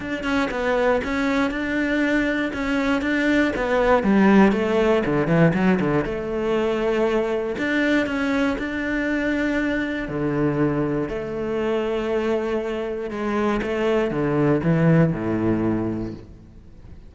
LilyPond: \new Staff \with { instrumentName = "cello" } { \time 4/4 \tempo 4 = 119 d'8 cis'8 b4 cis'4 d'4~ | d'4 cis'4 d'4 b4 | g4 a4 d8 e8 fis8 d8 | a2. d'4 |
cis'4 d'2. | d2 a2~ | a2 gis4 a4 | d4 e4 a,2 | }